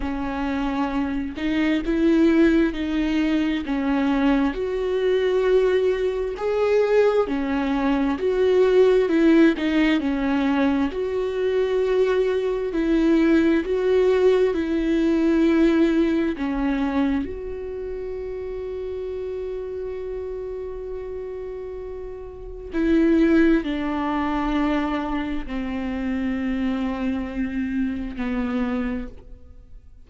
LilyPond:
\new Staff \with { instrumentName = "viola" } { \time 4/4 \tempo 4 = 66 cis'4. dis'8 e'4 dis'4 | cis'4 fis'2 gis'4 | cis'4 fis'4 e'8 dis'8 cis'4 | fis'2 e'4 fis'4 |
e'2 cis'4 fis'4~ | fis'1~ | fis'4 e'4 d'2 | c'2. b4 | }